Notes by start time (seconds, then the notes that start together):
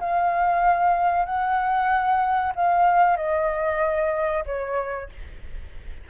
0.00 F5
1.25 F#5
2.56 F5
3.17 D#5
4.46 C#5